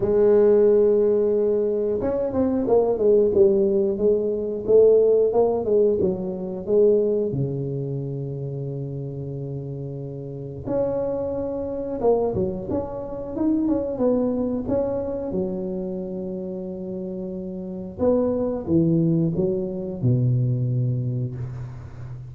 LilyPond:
\new Staff \with { instrumentName = "tuba" } { \time 4/4 \tempo 4 = 90 gis2. cis'8 c'8 | ais8 gis8 g4 gis4 a4 | ais8 gis8 fis4 gis4 cis4~ | cis1 |
cis'2 ais8 fis8 cis'4 | dis'8 cis'8 b4 cis'4 fis4~ | fis2. b4 | e4 fis4 b,2 | }